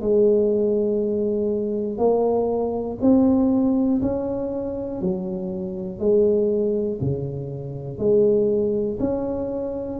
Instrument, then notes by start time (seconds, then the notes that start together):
tuba
0.00 G#3
1.98 A#3
3.01 C4
4.01 C#4
5.01 F#3
5.99 G#3
7.00 C#3
7.98 G#3
9.00 C#4